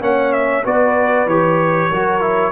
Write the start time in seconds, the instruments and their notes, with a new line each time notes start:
0.00 tuba A#3, trombone C#4, horn C#5, trumpet F#5
0.32 trumpet E5
0.64 tuba B3, trombone F#4, horn B4, trumpet D5
1.26 tuba E3, trombone G4, trumpet C#5
1.90 tuba F#3, trombone F#4, horn A#4
2.20 trombone E4